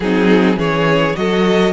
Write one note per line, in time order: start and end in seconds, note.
0.00 0.56 F#3
0.00 0.56 C4
0.00 0.57 D#4
0.00 0.58 G#4
0.56 1.14 E3
0.56 1.14 C#4
0.56 1.15 G#4
0.56 1.16 C#5
1.15 1.72 F#3
1.15 1.72 F#4
1.15 1.72 A4
1.15 1.72 D#5